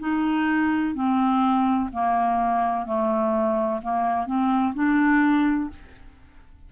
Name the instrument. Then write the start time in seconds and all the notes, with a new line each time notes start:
clarinet
0.00 D#4
0.95 C4
1.93 A#3
2.86 A3
3.82 A#3
4.26 C4
4.75 D4